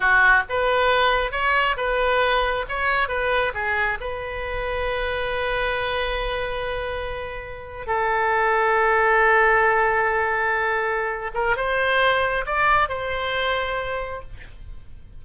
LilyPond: \new Staff \with { instrumentName = "oboe" } { \time 4/4 \tempo 4 = 135 fis'4 b'2 cis''4 | b'2 cis''4 b'4 | gis'4 b'2.~ | b'1~ |
b'4.~ b'16 a'2~ a'16~ | a'1~ | a'4. ais'8 c''2 | d''4 c''2. | }